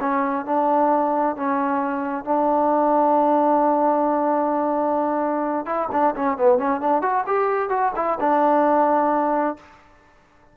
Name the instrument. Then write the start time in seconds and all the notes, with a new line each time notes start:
trombone
0.00 C#4
0.46 D4
1.36 C#4
2.25 D4
5.66 E4
5.92 D4
6.16 C#4
6.37 B3
6.58 C#4
6.81 D4
7.02 F#4
7.27 G4
7.70 F#4
7.96 E4
8.20 D4